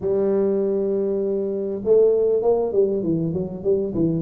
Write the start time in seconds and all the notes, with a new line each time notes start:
0.00 G3
1.84 A3
2.42 A#3
2.72 G3
3.02 E3
3.33 F#3
3.63 G3
3.94 E3